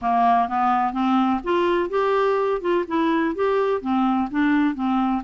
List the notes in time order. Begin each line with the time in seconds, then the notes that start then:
0.01 A#3
0.48 B3
0.93 C4
1.43 F4
1.89 G4
2.61 F4
2.87 E4
3.35 G4
3.81 C4
4.30 D4
4.74 C4